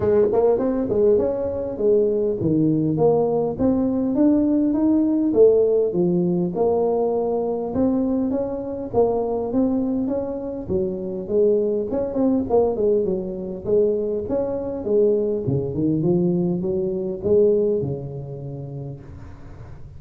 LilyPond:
\new Staff \with { instrumentName = "tuba" } { \time 4/4 \tempo 4 = 101 gis8 ais8 c'8 gis8 cis'4 gis4 | dis4 ais4 c'4 d'4 | dis'4 a4 f4 ais4~ | ais4 c'4 cis'4 ais4 |
c'4 cis'4 fis4 gis4 | cis'8 c'8 ais8 gis8 fis4 gis4 | cis'4 gis4 cis8 dis8 f4 | fis4 gis4 cis2 | }